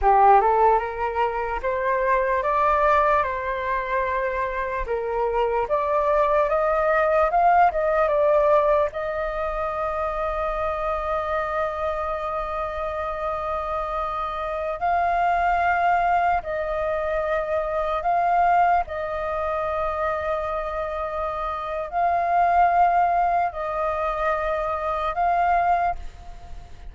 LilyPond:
\new Staff \with { instrumentName = "flute" } { \time 4/4 \tempo 4 = 74 g'8 a'8 ais'4 c''4 d''4 | c''2 ais'4 d''4 | dis''4 f''8 dis''8 d''4 dis''4~ | dis''1~ |
dis''2~ dis''16 f''4.~ f''16~ | f''16 dis''2 f''4 dis''8.~ | dis''2. f''4~ | f''4 dis''2 f''4 | }